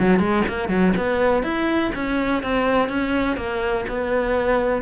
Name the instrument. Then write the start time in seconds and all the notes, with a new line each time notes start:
cello
0.00 F#3
0.19 G#3
0.48 A#3
0.69 F#3
0.97 B3
1.43 E4
1.95 C#4
2.43 C4
2.89 C#4
3.37 A#3
3.89 B3